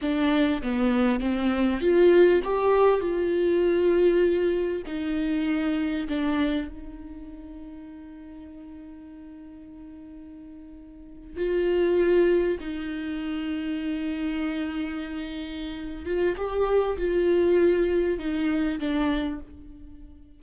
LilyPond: \new Staff \with { instrumentName = "viola" } { \time 4/4 \tempo 4 = 99 d'4 b4 c'4 f'4 | g'4 f'2. | dis'2 d'4 dis'4~ | dis'1~ |
dis'2~ dis'8. f'4~ f'16~ | f'8. dis'2.~ dis'16~ | dis'2~ dis'8 f'8 g'4 | f'2 dis'4 d'4 | }